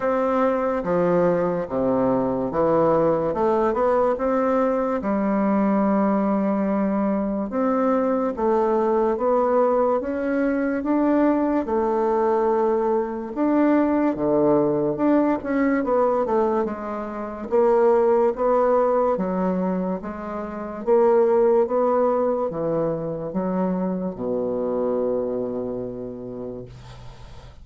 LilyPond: \new Staff \with { instrumentName = "bassoon" } { \time 4/4 \tempo 4 = 72 c'4 f4 c4 e4 | a8 b8 c'4 g2~ | g4 c'4 a4 b4 | cis'4 d'4 a2 |
d'4 d4 d'8 cis'8 b8 a8 | gis4 ais4 b4 fis4 | gis4 ais4 b4 e4 | fis4 b,2. | }